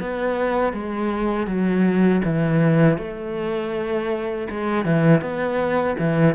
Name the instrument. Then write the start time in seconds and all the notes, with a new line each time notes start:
cello
0.00 B3
0.73 G#3
1.46 F#3
2.24 E3
2.98 A3
4.50 G#3
4.85 E3
5.21 B3
5.99 E3